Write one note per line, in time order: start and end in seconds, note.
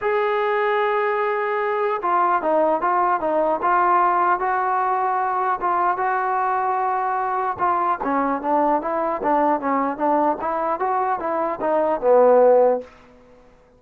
0.01 2.01 G#4
2.01 2.41 F4
2.42 2.81 D#4
2.81 3.20 F4
3.20 3.60 D#4
3.62 4.39 F4
4.39 5.59 F#4
5.60 5.97 F4
5.97 7.57 F#4
7.59 7.99 F4
8.03 8.41 C#4
8.41 8.81 D4
8.81 9.21 E4
9.22 9.60 D4
9.60 9.97 C#4
9.97 10.37 D4
10.41 10.79 E4
10.79 11.19 F#4
11.19 11.59 E4
11.60 12.00 D#4
12.00 12.80 B3